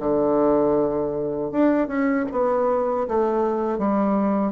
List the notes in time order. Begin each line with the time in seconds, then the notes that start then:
0.00 D3
1.52 D4
1.88 C#4
2.32 B3
3.08 A3
3.79 G3